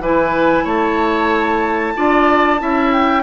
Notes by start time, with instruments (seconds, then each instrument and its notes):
0.00 bassoon E3, clarinet E4, oboe B4, flute G#5
0.64 bassoon A3, oboe C#5, flute A5
1.96 bassoon D4, clarinet F4, oboe D5
2.59 bassoon C#4, clarinet E4, oboe E5
2.93 flute G5